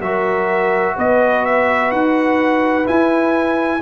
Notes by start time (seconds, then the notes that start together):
0.00 F#3 F#4 A#4 E5
0.96 B3 B4 D#5
1.46 E5
1.91 D#4 F#5
2.85 E4 G#5